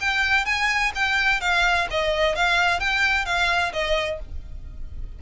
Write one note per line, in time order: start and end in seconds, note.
0.00 0.45 G5
0.45 0.92 G#5
0.95 1.40 G5
1.40 1.87 F5
1.90 2.35 D#5
2.35 2.79 F5
2.79 3.25 G5
3.25 3.72 F5
3.73 4.19 D#5